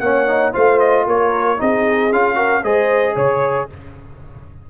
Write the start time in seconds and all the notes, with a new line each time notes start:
0.00 A#3 C#4 C#5 F#5
0.27 D#4
0.53 A3 F4 C5 F5
0.80 D#5
1.07 A#3 A#4 C#5
1.58 C4 D#4 G#4 D#5
2.12 C#4 F4 F5
2.35 F#4 A#4
2.64 G#3 G#4 C5 D#5
3.15 C#3 C#5